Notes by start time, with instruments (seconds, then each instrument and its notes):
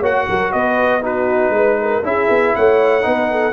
0.00 tuba A#3, trombone F#4, horn C#5, trumpet F#5
0.29 tuba F#3, horn A#4
0.53 tuba B3, horn B4, trumpet D#5
1.02 trombone D#4, horn F#4, trumpet B4
1.50 tuba G#3, horn B4
1.82 horn A#4
2.03 tuba C#4, trombone E4, horn G#4, trumpet E5
2.30 tuba B3
2.56 tuba A3, horn C#5, trumpet F#5
3.02 tuba B3, trombone D#4, horn B4
3.32 horn A4